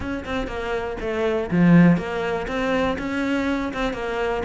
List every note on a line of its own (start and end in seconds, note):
0.00 0.24 C#4
0.25 0.47 C4
0.47 0.96 A#3
1.00 1.49 A3
1.50 1.97 F3
1.97 2.47 A#3
2.47 2.97 C4
2.98 3.73 C#4
3.73 3.93 C4
3.93 4.42 A#3